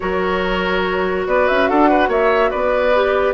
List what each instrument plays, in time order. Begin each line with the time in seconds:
0.00 bassoon F#3, clarinet F#4, oboe A#4, flute C#5
1.26 bassoon B3, oboe B4, flute D5
1.47 bassoon C#4, flute E5
1.68 bassoon D4, oboe A4, flute F#5
1.89 oboe B4
2.08 bassoon A#3, oboe C#5, flute E5
2.50 bassoon B3, oboe B4, flute D5
2.94 clarinet G4